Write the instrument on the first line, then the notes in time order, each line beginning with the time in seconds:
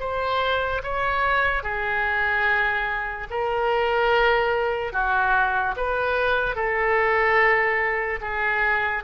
oboe
0.00 C5
0.83 C#5
1.63 G#4
3.30 A#4
4.93 F#4
5.77 B4
6.55 A4
8.21 G#4